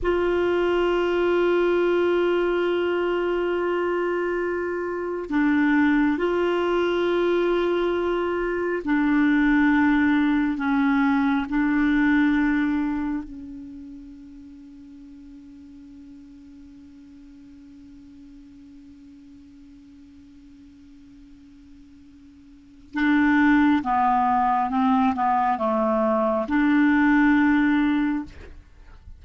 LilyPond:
\new Staff \with { instrumentName = "clarinet" } { \time 4/4 \tempo 4 = 68 f'1~ | f'2 d'4 f'4~ | f'2 d'2 | cis'4 d'2 cis'4~ |
cis'1~ | cis'1~ | cis'2 d'4 b4 | c'8 b8 a4 d'2 | }